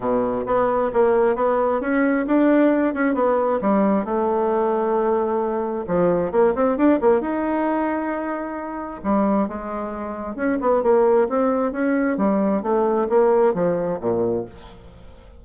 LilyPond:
\new Staff \with { instrumentName = "bassoon" } { \time 4/4 \tempo 4 = 133 b,4 b4 ais4 b4 | cis'4 d'4. cis'8 b4 | g4 a2.~ | a4 f4 ais8 c'8 d'8 ais8 |
dis'1 | g4 gis2 cis'8 b8 | ais4 c'4 cis'4 g4 | a4 ais4 f4 ais,4 | }